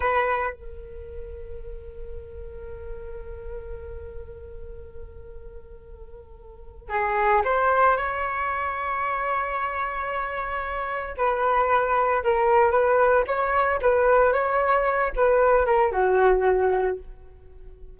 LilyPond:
\new Staff \with { instrumentName = "flute" } { \time 4/4 \tempo 4 = 113 b'4 ais'2.~ | ais'1~ | ais'1~ | ais'4 gis'4 c''4 cis''4~ |
cis''1~ | cis''4 b'2 ais'4 | b'4 cis''4 b'4 cis''4~ | cis''8 b'4 ais'8 fis'2 | }